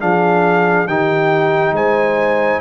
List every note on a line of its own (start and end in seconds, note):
0.00 0.88 F3
0.00 0.87 D4
0.00 0.88 G#4
0.00 0.88 F5
0.88 1.72 D#3
0.88 2.61 D#4
0.88 1.75 G4
0.88 1.75 G5
1.72 2.59 G#3
1.72 2.61 C5
1.72 2.61 G#5